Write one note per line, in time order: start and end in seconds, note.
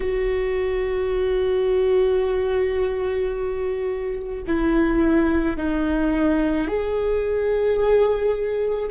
0.00 4.42 F#4
4.46 5.57 E4
5.57 6.67 D#4
6.67 8.89 G#4